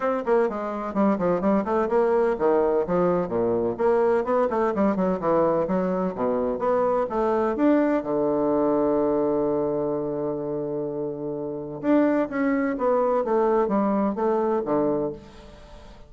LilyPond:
\new Staff \with { instrumentName = "bassoon" } { \time 4/4 \tempo 4 = 127 c'8 ais8 gis4 g8 f8 g8 a8 | ais4 dis4 f4 ais,4 | ais4 b8 a8 g8 fis8 e4 | fis4 b,4 b4 a4 |
d'4 d2.~ | d1~ | d4 d'4 cis'4 b4 | a4 g4 a4 d4 | }